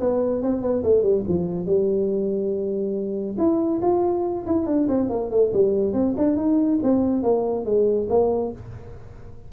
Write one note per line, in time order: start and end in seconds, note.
0.00 0.42 B3
0.42 0.62 C4
0.62 0.83 B3
0.83 1.02 A3
1.02 1.23 G3
1.28 1.66 F3
1.66 3.36 G3
3.38 3.80 E4
3.82 4.45 F4
4.46 4.66 E4
4.66 4.87 D4
4.88 5.09 C4
5.09 5.31 A#3
5.31 5.52 A3
5.53 5.93 G3
5.93 6.14 C4
6.17 6.36 D4
6.36 6.79 D#4
6.83 7.22 C4
7.22 7.65 A#3
7.65 8.07 G#3
8.09 8.52 A#3